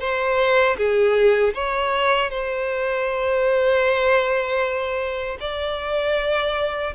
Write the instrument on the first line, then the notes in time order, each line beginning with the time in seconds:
violin
0.00 C5
0.77 G#4
1.54 C#5
2.30 C5
5.41 D5